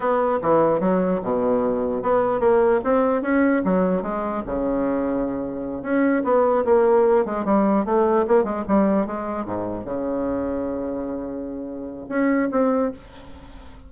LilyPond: \new Staff \with { instrumentName = "bassoon" } { \time 4/4 \tempo 4 = 149 b4 e4 fis4 b,4~ | b,4 b4 ais4 c'4 | cis'4 fis4 gis4 cis4~ | cis2~ cis8 cis'4 b8~ |
b8 ais4. gis8 g4 a8~ | a8 ais8 gis8 g4 gis4 gis,8~ | gis,8 cis2.~ cis8~ | cis2 cis'4 c'4 | }